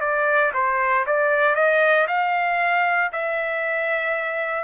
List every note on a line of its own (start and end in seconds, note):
0.00 0.52 D5
0.54 1.05 C5
1.06 1.55 D5
1.55 2.07 D#5
2.08 3.11 F5
3.12 4.64 E5